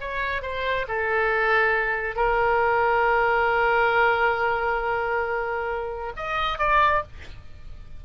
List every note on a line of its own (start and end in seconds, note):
0.00 0.42 C#5
0.42 0.86 C5
0.87 2.15 A4
2.15 6.12 A#4
6.16 6.58 D#5
6.58 7.02 D5